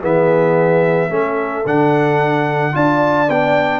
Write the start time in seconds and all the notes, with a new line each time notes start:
0.00 E3 B3 G#4 E5
1.10 A3 C#4 A4
1.66 D3 D4 F#5
2.72 D4 F4 D5 A5
3.29 B3 D4 G5